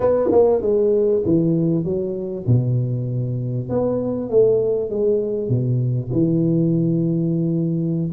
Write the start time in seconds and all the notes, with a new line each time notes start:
0.00 B3
0.31 A#3
0.61 G#3
1.25 E3
1.84 F#3
2.46 B2
3.69 B3
4.29 A3
4.90 G#3
5.48 B2
6.12 E3